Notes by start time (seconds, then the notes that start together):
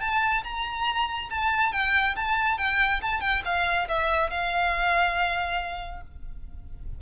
0.00 A5
0.44 A#5
1.30 A5
1.72 G5
2.16 A5
2.58 G5
3.02 A5
3.21 G5
3.45 F5
3.88 E5
4.30 F5